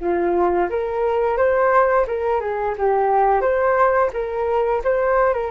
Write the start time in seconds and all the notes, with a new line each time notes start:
0.00 F4
0.69 A#4
1.37 C5
2.07 A#4
2.40 G#4
2.78 G4
3.41 C5
4.13 A#4
4.83 C5
5.33 A#4